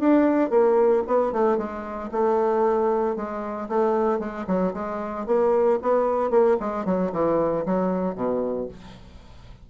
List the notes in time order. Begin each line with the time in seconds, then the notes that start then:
0.00 D4
0.51 A#3
1.08 B3
1.33 A3
1.58 G#3
2.12 A3
3.17 G#3
3.69 A3
4.20 G#3
4.48 F#3
4.74 G#3
5.27 A#3
5.83 B3
6.31 A#3
6.60 G#3
6.86 F#3
7.13 E3
7.66 F#3
8.16 B2